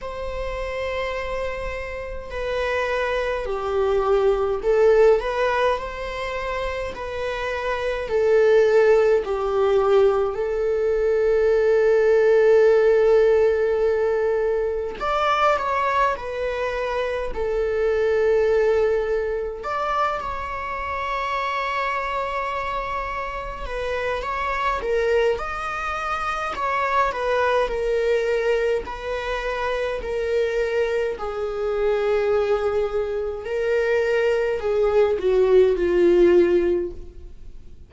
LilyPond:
\new Staff \with { instrumentName = "viola" } { \time 4/4 \tempo 4 = 52 c''2 b'4 g'4 | a'8 b'8 c''4 b'4 a'4 | g'4 a'2.~ | a'4 d''8 cis''8 b'4 a'4~ |
a'4 d''8 cis''2~ cis''8~ | cis''8 b'8 cis''8 ais'8 dis''4 cis''8 b'8 | ais'4 b'4 ais'4 gis'4~ | gis'4 ais'4 gis'8 fis'8 f'4 | }